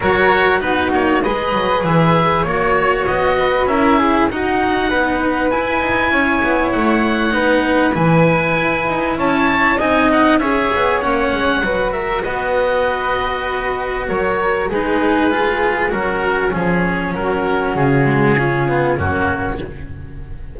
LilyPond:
<<
  \new Staff \with { instrumentName = "oboe" } { \time 4/4 \tempo 4 = 98 cis''4 b'8 cis''8 dis''4 e''4 | cis''4 dis''4 e''4 fis''4~ | fis''4 gis''2 fis''4~ | fis''4 gis''2 a''4 |
gis''8 fis''8 e''4 fis''4. e''8 | dis''2. cis''4 | b'2 ais'4 gis'4 | ais'4 gis'2 fis'4 | }
  \new Staff \with { instrumentName = "flute" } { \time 4/4 ais'4 fis'4 b'2 | cis''4. b'8 ais'8 gis'8 fis'4 | b'2 cis''2 | b'2. cis''4 |
dis''4 cis''2 b'8 ais'8 | b'2. ais'4 | gis'2 cis'2 | fis'2 f'4 cis'4 | }
  \new Staff \with { instrumentName = "cello" } { \time 4/4 fis'4 dis'4 gis'2 | fis'2 e'4 dis'4~ | dis'4 e'2. | dis'4 e'2. |
dis'4 gis'4 cis'4 fis'4~ | fis'1 | dis'4 f'4 fis'4 cis'4~ | cis'4. gis8 cis'8 b8 ais4 | }
  \new Staff \with { instrumentName = "double bass" } { \time 4/4 fis4 b8 ais8 gis8 fis8 e4 | ais4 b4 cis'4 dis'4 | b4 e'8 dis'8 cis'8 b8 a4 | b4 e4 e'8 dis'8 cis'4 |
c'4 cis'8 b8 ais8 gis8 fis4 | b2. fis4 | gis2 fis4 f4 | fis4 cis2 fis,4 | }
>>